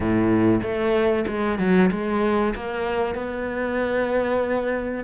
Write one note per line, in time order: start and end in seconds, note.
0.00 0.61 A2
0.62 1.25 A3
1.27 1.58 G#3
1.58 1.90 F#3
1.91 2.54 G#3
2.55 3.14 A#3
3.14 5.04 B3